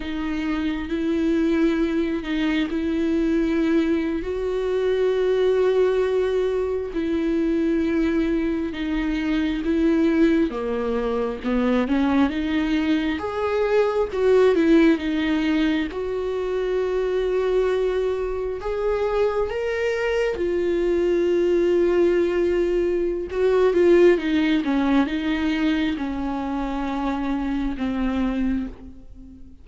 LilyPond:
\new Staff \with { instrumentName = "viola" } { \time 4/4 \tempo 4 = 67 dis'4 e'4. dis'8 e'4~ | e'8. fis'2. e'16~ | e'4.~ e'16 dis'4 e'4 ais16~ | ais8. b8 cis'8 dis'4 gis'4 fis'16~ |
fis'16 e'8 dis'4 fis'2~ fis'16~ | fis'8. gis'4 ais'4 f'4~ f'16~ | f'2 fis'8 f'8 dis'8 cis'8 | dis'4 cis'2 c'4 | }